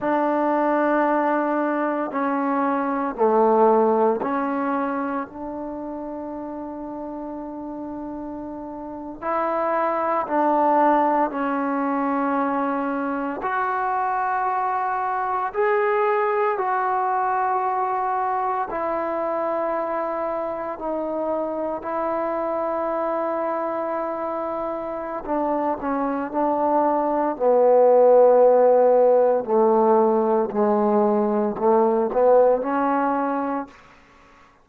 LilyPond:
\new Staff \with { instrumentName = "trombone" } { \time 4/4 \tempo 4 = 57 d'2 cis'4 a4 | cis'4 d'2.~ | d'8. e'4 d'4 cis'4~ cis'16~ | cis'8. fis'2 gis'4 fis'16~ |
fis'4.~ fis'16 e'2 dis'16~ | dis'8. e'2.~ e'16 | d'8 cis'8 d'4 b2 | a4 gis4 a8 b8 cis'4 | }